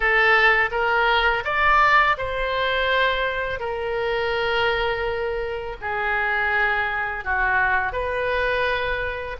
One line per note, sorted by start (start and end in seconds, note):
0.00 0.70 A4
0.71 1.43 A#4
1.44 2.16 D5
2.17 3.59 C5
3.59 5.76 A#4
5.81 7.24 G#4
7.24 7.92 F#4
7.92 9.36 B4